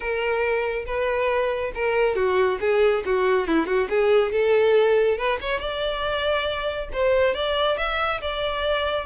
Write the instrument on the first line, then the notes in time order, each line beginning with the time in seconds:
violin
0.00 A#4
0.85 B4
1.74 A#4
2.15 F#4
2.60 G#4
3.05 F#4
3.47 E4
3.66 F#4
3.89 G#4
4.32 A4
5.17 B4
5.41 C#5
5.59 D5
6.93 C5
7.34 D5
7.77 E5
8.21 D5